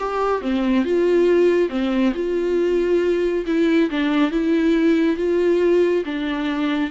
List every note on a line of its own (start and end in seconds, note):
0.00 0.42 G4
0.42 0.85 C4
0.85 1.70 F4
1.70 2.13 C4
2.15 3.45 F4
3.47 3.90 E4
3.91 4.32 D4
4.32 5.17 E4
5.17 6.04 F4
6.06 6.91 D4